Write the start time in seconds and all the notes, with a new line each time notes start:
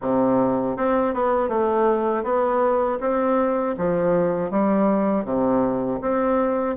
0.01 C3
0.76 C4
1.14 B3
1.48 A3
2.23 B3
3.00 C4
3.77 F3
4.50 G3
5.25 C3
6.01 C4